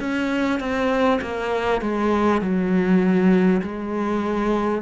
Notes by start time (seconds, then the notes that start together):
0.00 C#4
0.60 C4
1.22 A#3
1.82 G#3
2.42 F#3
3.62 G#3